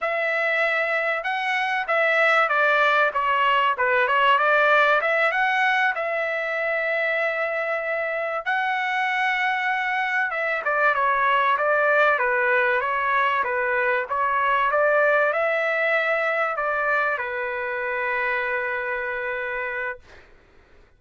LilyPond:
\new Staff \with { instrumentName = "trumpet" } { \time 4/4 \tempo 4 = 96 e''2 fis''4 e''4 | d''4 cis''4 b'8 cis''8 d''4 | e''8 fis''4 e''2~ e''8~ | e''4. fis''2~ fis''8~ |
fis''8 e''8 d''8 cis''4 d''4 b'8~ | b'8 cis''4 b'4 cis''4 d''8~ | d''8 e''2 d''4 b'8~ | b'1 | }